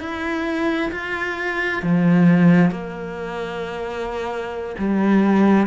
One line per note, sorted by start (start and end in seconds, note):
0.00 0.91 E4
0.92 1.83 F4
1.83 2.71 F3
2.71 4.76 A#3
4.78 5.67 G3